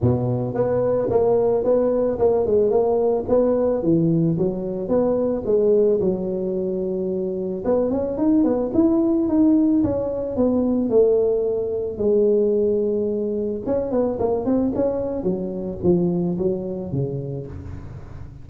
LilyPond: \new Staff \with { instrumentName = "tuba" } { \time 4/4 \tempo 4 = 110 b,4 b4 ais4 b4 | ais8 gis8 ais4 b4 e4 | fis4 b4 gis4 fis4~ | fis2 b8 cis'8 dis'8 b8 |
e'4 dis'4 cis'4 b4 | a2 gis2~ | gis4 cis'8 b8 ais8 c'8 cis'4 | fis4 f4 fis4 cis4 | }